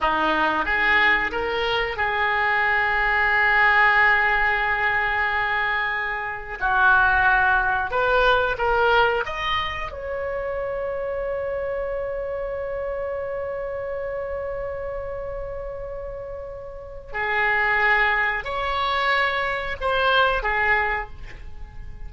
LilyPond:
\new Staff \with { instrumentName = "oboe" } { \time 4/4 \tempo 4 = 91 dis'4 gis'4 ais'4 gis'4~ | gis'1~ | gis'2 fis'2 | b'4 ais'4 dis''4 cis''4~ |
cis''1~ | cis''1~ | cis''2 gis'2 | cis''2 c''4 gis'4 | }